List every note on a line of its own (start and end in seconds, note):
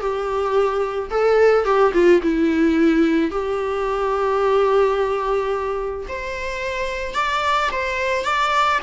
0.00 1.10 G4
1.10 1.65 A4
1.65 1.92 G4
1.93 2.21 F4
2.22 3.31 E4
3.31 6.06 G4
6.08 7.15 C5
7.15 7.70 D5
7.71 8.24 C5
8.24 8.79 D5